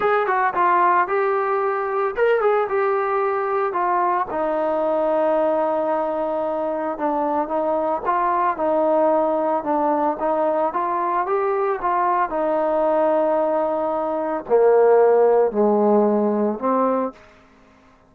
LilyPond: \new Staff \with { instrumentName = "trombone" } { \time 4/4 \tempo 4 = 112 gis'8 fis'8 f'4 g'2 | ais'8 gis'8 g'2 f'4 | dis'1~ | dis'4 d'4 dis'4 f'4 |
dis'2 d'4 dis'4 | f'4 g'4 f'4 dis'4~ | dis'2. ais4~ | ais4 gis2 c'4 | }